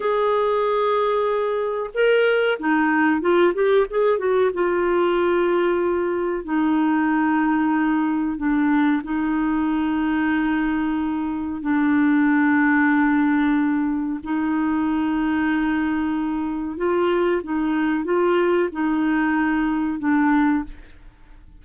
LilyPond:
\new Staff \with { instrumentName = "clarinet" } { \time 4/4 \tempo 4 = 93 gis'2. ais'4 | dis'4 f'8 g'8 gis'8 fis'8 f'4~ | f'2 dis'2~ | dis'4 d'4 dis'2~ |
dis'2 d'2~ | d'2 dis'2~ | dis'2 f'4 dis'4 | f'4 dis'2 d'4 | }